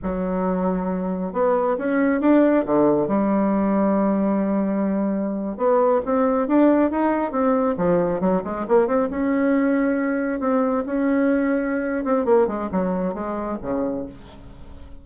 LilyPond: \new Staff \with { instrumentName = "bassoon" } { \time 4/4 \tempo 4 = 137 fis2. b4 | cis'4 d'4 d4 g4~ | g1~ | g8. b4 c'4 d'4 dis'16~ |
dis'8. c'4 f4 fis8 gis8 ais16~ | ais16 c'8 cis'2. c'16~ | c'8. cis'2~ cis'8. c'8 | ais8 gis8 fis4 gis4 cis4 | }